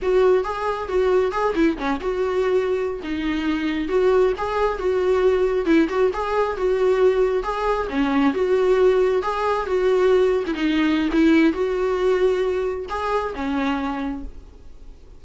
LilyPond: \new Staff \with { instrumentName = "viola" } { \time 4/4 \tempo 4 = 135 fis'4 gis'4 fis'4 gis'8 e'8 | cis'8 fis'2~ fis'16 dis'4~ dis'16~ | dis'8. fis'4 gis'4 fis'4~ fis'16~ | fis'8. e'8 fis'8 gis'4 fis'4~ fis'16~ |
fis'8. gis'4 cis'4 fis'4~ fis'16~ | fis'8. gis'4 fis'4.~ fis'16 e'16 dis'16~ | dis'4 e'4 fis'2~ | fis'4 gis'4 cis'2 | }